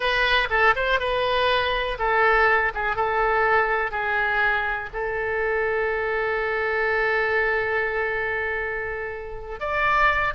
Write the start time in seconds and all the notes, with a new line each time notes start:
0.00 B4
0.50 A4
0.75 C5
0.99 B4
1.98 A4
2.74 G#4
2.96 A4
3.91 G#4
4.93 A4
9.60 D5